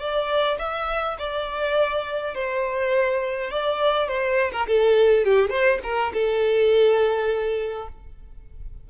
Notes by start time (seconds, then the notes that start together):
0.00 D5
0.59 E5
1.19 D5
2.35 C5
3.51 D5
4.08 C5
4.53 A#4
4.67 A4
5.25 G4
5.50 C5
5.84 A#4
6.14 A4